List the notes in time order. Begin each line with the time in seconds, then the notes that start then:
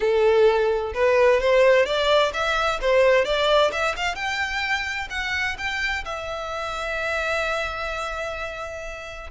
0.00 A4
0.93 B4
1.40 C5
1.85 D5
2.33 E5
2.81 C5
3.24 D5
3.71 E5
3.96 F5
4.15 G5
5.10 F#5
5.58 G5
6.04 E5